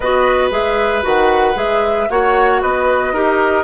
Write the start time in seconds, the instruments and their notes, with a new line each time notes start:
0.00 bassoon B3, clarinet F#4, oboe B4, flute D#5
0.50 bassoon G#3, clarinet G#4, flute E5
1.02 bassoon D#3, clarinet F#4, flute F#5
1.54 bassoon G#3, clarinet G#4, flute E5
2.09 bassoon A#3, clarinet F#4, oboe C#5, flute F#5
2.61 bassoon B3, oboe B4, flute D#5
3.12 bassoon D#4, clarinet G4, oboe A#4